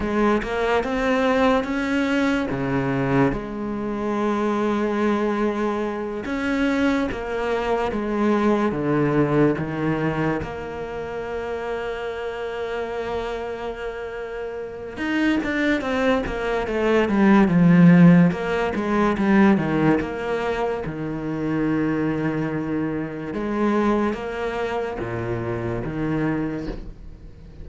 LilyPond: \new Staff \with { instrumentName = "cello" } { \time 4/4 \tempo 4 = 72 gis8 ais8 c'4 cis'4 cis4 | gis2.~ gis8 cis'8~ | cis'8 ais4 gis4 d4 dis8~ | dis8 ais2.~ ais8~ |
ais2 dis'8 d'8 c'8 ais8 | a8 g8 f4 ais8 gis8 g8 dis8 | ais4 dis2. | gis4 ais4 ais,4 dis4 | }